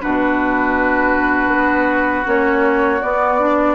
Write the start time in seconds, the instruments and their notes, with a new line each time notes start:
0.00 bassoon B2, clarinet D4, oboe F#4, flute B4
1.48 bassoon B3
2.25 bassoon A#3, clarinet C#4, flute C#5
3.02 clarinet B3, bassoon B3, flute D5
3.39 clarinet D4